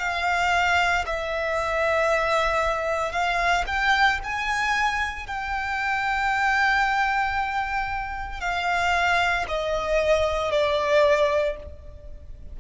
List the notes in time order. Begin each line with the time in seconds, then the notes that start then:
0.00 F5
1.07 E5
3.12 F5
3.67 G5
4.24 G#5
5.27 G5
8.41 F5
9.49 D#5
10.52 D5